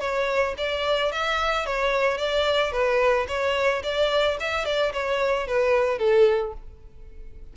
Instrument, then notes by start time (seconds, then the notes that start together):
violin
0.00 C#5
0.58 D5
1.12 E5
1.66 C#5
2.18 D5
2.72 B4
3.28 C#5
3.83 D5
4.40 E5
4.65 D5
4.93 C#5
5.47 B4
5.99 A4